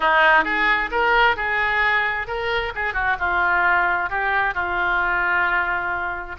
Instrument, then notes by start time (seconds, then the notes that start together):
oboe
0.00 D#4
0.44 G#4
0.91 A#4
1.36 G#4
2.27 A#4
2.75 G#4
2.93 F#4
3.19 F4
4.09 G4
4.54 F4